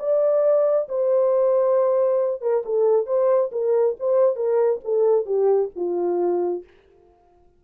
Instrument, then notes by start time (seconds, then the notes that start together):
horn
0.00 D5
0.89 C5
2.42 A#4
2.66 A4
3.07 C5
3.52 A#4
4.00 C5
4.36 A#4
4.85 A4
5.26 G4
5.76 F4